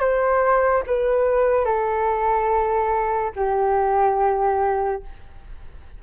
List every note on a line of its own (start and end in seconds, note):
0.00 0.83 C5
0.87 1.65 B4
1.65 3.32 A4
3.36 5.03 G4